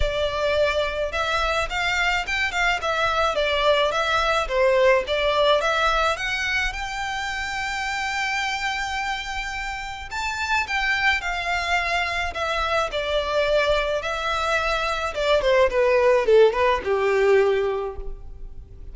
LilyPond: \new Staff \with { instrumentName = "violin" } { \time 4/4 \tempo 4 = 107 d''2 e''4 f''4 | g''8 f''8 e''4 d''4 e''4 | c''4 d''4 e''4 fis''4 | g''1~ |
g''2 a''4 g''4 | f''2 e''4 d''4~ | d''4 e''2 d''8 c''8 | b'4 a'8 b'8 g'2 | }